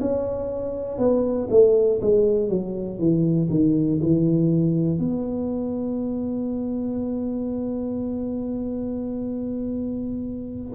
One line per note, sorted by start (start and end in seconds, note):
0.00 0.98 C#4
0.98 1.48 B3
1.50 2.00 A3
2.01 2.49 G#3
2.49 2.99 F#3
2.99 3.49 E3
3.50 4.00 D#3
4.01 4.99 E3
4.99 10.74 B3